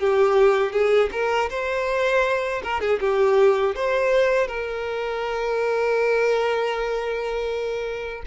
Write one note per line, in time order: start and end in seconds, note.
0.00 0.72 G4
0.72 1.10 G#4
1.12 1.50 A#4
1.50 2.62 C5
2.64 2.81 A#4
2.81 3.00 G#4
3.01 3.76 G4
3.76 4.48 C5
4.48 8.23 A#4